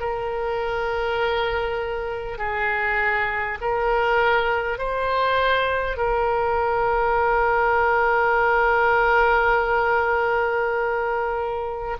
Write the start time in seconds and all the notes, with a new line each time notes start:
0.00 A#4
2.38 G#4
3.61 A#4
4.78 C5
5.97 A#4